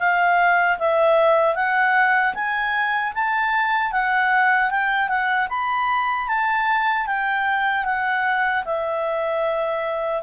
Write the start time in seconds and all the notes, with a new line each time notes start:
0.00 F5
0.79 E5
1.55 F#5
2.35 G#5
3.15 A5
3.92 F#5
4.71 G5
5.08 F#5
5.49 B5
6.29 A5
7.07 G5
7.85 F#5
8.66 E5